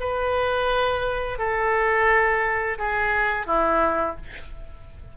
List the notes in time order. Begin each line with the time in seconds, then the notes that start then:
0.00 B4
1.38 A4
2.78 G#4
3.47 E4